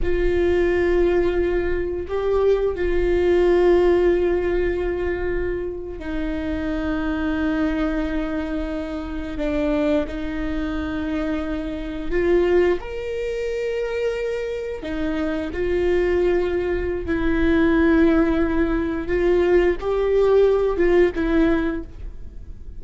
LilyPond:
\new Staff \with { instrumentName = "viola" } { \time 4/4 \tempo 4 = 88 f'2. g'4 | f'1~ | f'8. dis'2.~ dis'16~ | dis'4.~ dis'16 d'4 dis'4~ dis'16~ |
dis'4.~ dis'16 f'4 ais'4~ ais'16~ | ais'4.~ ais'16 dis'4 f'4~ f'16~ | f'4 e'2. | f'4 g'4. f'8 e'4 | }